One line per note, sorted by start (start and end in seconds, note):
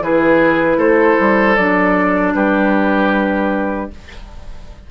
0.00 0.78 E3
0.00 1.57 E4
0.00 0.78 G#4
0.00 0.80 B4
0.78 1.17 A3
0.78 2.34 A4
0.78 1.56 C5
1.20 1.58 G3
1.56 2.34 F#3
1.56 3.91 D4
1.56 2.34 D5
2.34 3.90 G3
2.34 3.91 G4
2.34 3.91 B4